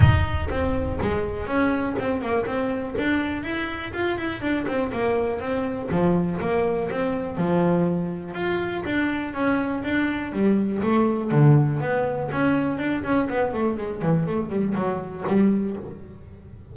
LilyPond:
\new Staff \with { instrumentName = "double bass" } { \time 4/4 \tempo 4 = 122 dis'4 c'4 gis4 cis'4 | c'8 ais8 c'4 d'4 e'4 | f'8 e'8 d'8 c'8 ais4 c'4 | f4 ais4 c'4 f4~ |
f4 f'4 d'4 cis'4 | d'4 g4 a4 d4 | b4 cis'4 d'8 cis'8 b8 a8 | gis8 e8 a8 g8 fis4 g4 | }